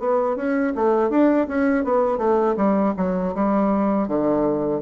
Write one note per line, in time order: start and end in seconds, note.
0.00 0.36 B3
0.36 0.73 C#4
0.76 1.10 A3
1.10 1.47 D4
1.48 1.85 C#4
1.85 2.18 B3
2.18 2.55 A3
2.57 2.94 G3
2.97 3.34 F#3
3.35 4.08 G3
4.08 4.82 D3